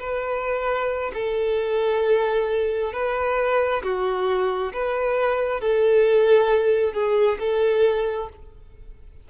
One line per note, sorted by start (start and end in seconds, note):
0.00 1.12 B4
1.14 2.93 A4
2.93 3.83 B4
3.83 4.73 F#4
4.73 5.61 B4
5.61 6.94 A4
6.94 7.39 G#4
7.40 8.30 A4